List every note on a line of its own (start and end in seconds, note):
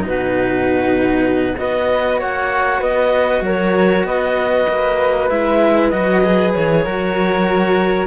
0.00 1.55 D#4
0.00 1.60 F#4
0.07 1.60 B2
0.07 1.58 B4
1.57 2.21 B3
1.57 5.29 F#4
1.57 2.20 B4
1.57 2.20 D#5
2.20 2.82 A#3
2.20 2.80 C#5
2.20 2.82 F#5
2.80 3.41 B3
2.80 3.42 B4
2.80 3.44 D#5
3.41 4.03 F#3
3.41 4.06 A#4
3.41 4.06 C#5
4.04 4.66 B3
4.04 6.84 B4
4.04 5.29 D#5
4.69 5.30 A#3
5.29 5.92 G#3
5.29 5.92 E4
5.29 5.90 E5
5.90 6.54 F#3
5.90 6.23 F#4
5.90 6.52 D#5
6.24 6.86 G#4
6.54 6.86 E3
6.54 8.07 C#5
6.84 8.07 F#3
6.84 8.07 F#4
6.84 8.07 A#4